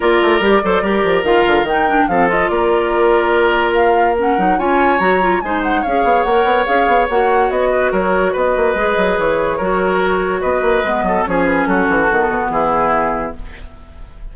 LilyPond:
<<
  \new Staff \with { instrumentName = "flute" } { \time 4/4 \tempo 4 = 144 d''2. f''4 | g''4 f''8 dis''8 d''2~ | d''4 f''4 fis''4 gis''4 | ais''4 gis''8 fis''8 f''4 fis''4 |
f''4 fis''4 dis''4 cis''4 | dis''2 cis''2~ | cis''4 dis''2 cis''8 b'8 | a'2 gis'2 | }
  \new Staff \with { instrumentName = "oboe" } { \time 4/4 ais'4. c''8 ais'2~ | ais'4 a'4 ais'2~ | ais'2. cis''4~ | cis''4 c''4 cis''2~ |
cis''2~ cis''8 b'8 ais'4 | b'2. ais'4~ | ais'4 b'4. a'8 gis'4 | fis'2 e'2 | }
  \new Staff \with { instrumentName = "clarinet" } { \time 4/4 f'4 g'8 a'8 g'4 f'4 | dis'8 d'8 c'8 f'2~ f'8~ | f'2 cis'8 dis'8 f'4 | fis'8 f'8 dis'4 gis'4 ais'4 |
gis'4 fis'2.~ | fis'4 gis'2 fis'4~ | fis'2 b4 cis'4~ | cis'4 b2. | }
  \new Staff \with { instrumentName = "bassoon" } { \time 4/4 ais8 a8 g8 fis8 g8 f8 dis8 d8 | dis4 f4 ais2~ | ais2~ ais8 fis8 cis'4 | fis4 gis4 cis'8 b8 ais8 b8 |
cis'8 b8 ais4 b4 fis4 | b8 ais8 gis8 fis8 e4 fis4~ | fis4 b8 ais8 gis8 fis8 f4 | fis8 e8 dis8 b,8 e2 | }
>>